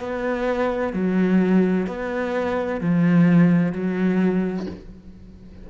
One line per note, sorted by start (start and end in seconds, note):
0.00 0.94 B3
0.94 1.87 F#3
1.87 2.81 B3
2.81 3.73 F3
3.73 4.67 F#3